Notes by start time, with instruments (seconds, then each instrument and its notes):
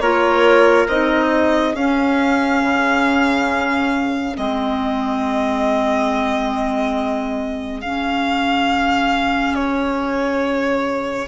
0.00 bassoon A#3, clarinet F4, trumpet A#4, violin C#5
0.87 bassoon C4, clarinet D#4, violin D#5
1.28 trumpet G#4
1.74 bassoon C#4, clarinet C#4, violin F5
2.62 bassoon C#3
4.35 bassoon G#3, clarinet C4, violin D#5
7.81 bassoon C#3, clarinet C#4, violin F5
9.55 violin C#5